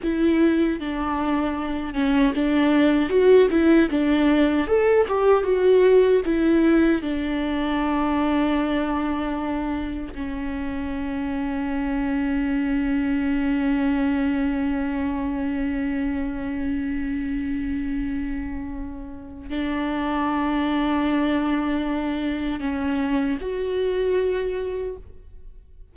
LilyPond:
\new Staff \with { instrumentName = "viola" } { \time 4/4 \tempo 4 = 77 e'4 d'4. cis'8 d'4 | fis'8 e'8 d'4 a'8 g'8 fis'4 | e'4 d'2.~ | d'4 cis'2.~ |
cis'1~ | cis'1~ | cis'4 d'2.~ | d'4 cis'4 fis'2 | }